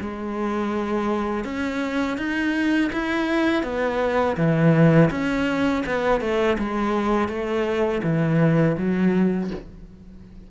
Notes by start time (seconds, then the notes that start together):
0.00 G#3
1.44 C#4
2.17 D#4
2.92 E4
3.63 B3
4.37 E3
5.11 C#4
5.86 B3
6.20 A3
6.58 G#3
7.28 A3
8.03 E3
8.77 F#3